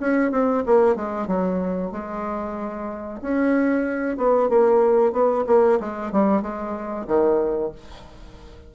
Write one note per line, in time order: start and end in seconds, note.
0.00 0.31 C#4
0.31 0.63 C4
0.66 0.96 A#3
0.96 1.27 G#3
1.27 1.91 F#3
1.91 3.20 G#3
3.21 4.17 C#4
4.17 4.49 B3
4.49 5.12 A#3
5.12 5.44 B3
5.47 5.79 A#3
5.80 6.12 G#3
6.12 6.42 G3
6.42 7.06 G#3
7.07 7.72 D#3